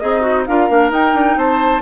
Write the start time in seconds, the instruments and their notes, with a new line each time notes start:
0.00 bassoon C4, oboe D#4, clarinet G#4, flute D#5
0.21 clarinet F#4
0.46 bassoon D4, clarinet F4, oboe A#4, flute F5
0.70 bassoon A#3, clarinet D4
0.91 clarinet D#4, bassoon D#4, flute G5
1.14 bassoon D4
1.36 bassoon C4, oboe C5, flute A5